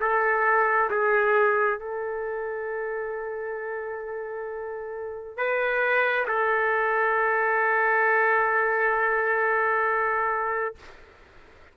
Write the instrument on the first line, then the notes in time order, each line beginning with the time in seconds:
trumpet
0.00 A4
0.90 G#4
1.79 A4
5.37 B4
6.27 A4